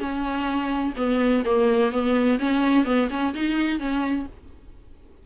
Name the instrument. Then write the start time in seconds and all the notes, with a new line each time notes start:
viola
0.00 C#4
0.97 B3
1.45 A#3
1.92 B3
2.39 C#4
2.85 B3
3.10 C#4
3.34 D#4
3.80 C#4